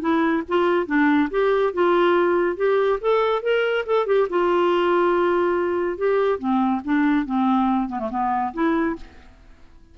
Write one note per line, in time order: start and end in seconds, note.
0.00 0.43 E4
0.48 0.86 F4
0.86 1.29 D4
1.30 1.73 G4
1.73 2.56 F4
2.56 2.99 G4
3.00 3.42 A4
3.42 3.85 A#4
3.86 4.06 A4
4.06 4.27 G4
4.29 5.97 F4
5.97 6.38 G4
6.38 6.81 C4
6.84 7.25 D4
7.25 7.88 C4
7.88 7.99 B3
7.99 8.09 A3
8.10 8.53 B3
8.53 8.96 E4